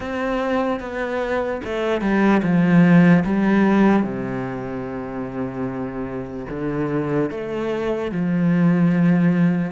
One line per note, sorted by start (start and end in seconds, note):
0.00 0.80 C4
0.80 1.61 B3
1.64 2.01 A3
2.01 2.41 G3
2.43 3.24 F3
3.24 4.02 G3
4.02 6.46 C3
6.49 7.30 D3
7.30 8.11 A3
8.11 9.71 F3